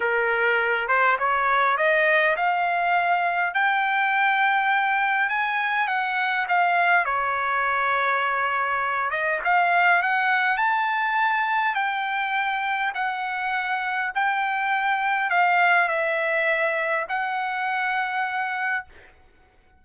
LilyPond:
\new Staff \with { instrumentName = "trumpet" } { \time 4/4 \tempo 4 = 102 ais'4. c''8 cis''4 dis''4 | f''2 g''2~ | g''4 gis''4 fis''4 f''4 | cis''2.~ cis''8 dis''8 |
f''4 fis''4 a''2 | g''2 fis''2 | g''2 f''4 e''4~ | e''4 fis''2. | }